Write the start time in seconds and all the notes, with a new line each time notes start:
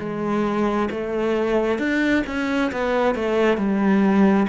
0.00 G#3
0.91 A3
1.79 D4
2.27 C#4
2.72 B3
3.15 A3
3.58 G3